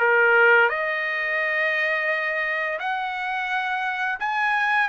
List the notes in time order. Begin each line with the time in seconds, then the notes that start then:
0.00 A#4
0.70 D#5
2.80 F#5
4.20 G#5